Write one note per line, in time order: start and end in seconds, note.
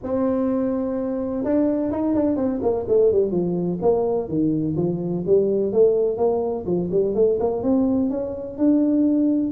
0.03 1.44 C4
1.44 1.91 D4
1.91 2.15 D#4
2.15 2.36 D4
2.36 2.60 C4
2.61 2.85 A#3
2.88 3.11 A3
3.11 3.31 G3
3.31 3.79 F3
3.81 4.28 A#3
4.28 4.76 D#3
4.76 5.24 F3
5.26 5.72 G3
5.72 6.17 A3
6.17 6.65 A#3
6.65 6.89 F3
6.91 7.15 G3
7.15 7.38 A3
7.40 7.63 A#3
7.63 8.10 C4
8.10 8.57 C#4
8.57 9.51 D4